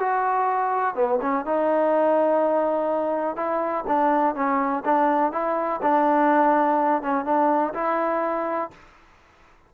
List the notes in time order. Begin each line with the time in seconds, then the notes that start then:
0.00 F#4
0.95 B3
1.22 C#4
1.46 D#4
3.37 E4
3.88 D4
4.36 C#4
4.85 D4
5.33 E4
5.83 D4
7.03 C#4
7.26 D4
7.74 E4